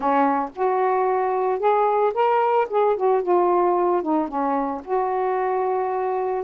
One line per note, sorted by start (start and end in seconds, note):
0.00 0.49 C#4
0.55 1.59 F#4
1.59 2.12 G#4
2.14 2.67 A#4
2.70 2.96 G#4
2.96 3.23 F#4
3.23 4.02 F4
4.02 4.28 D#4
4.28 4.81 C#4
4.84 6.44 F#4